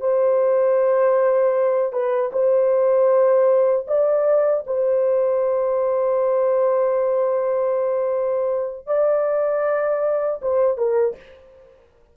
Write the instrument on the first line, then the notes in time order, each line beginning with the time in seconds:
horn
0.00 C5
1.92 B4
2.33 C5
3.87 D5
4.66 C5
8.86 D5
10.42 C5
10.77 A#4